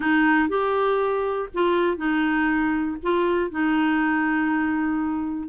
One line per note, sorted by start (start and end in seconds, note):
0.00 0.49 D#4
0.49 1.49 G4
1.53 1.97 F4
1.97 2.97 D#4
3.02 3.50 F4
3.50 5.48 D#4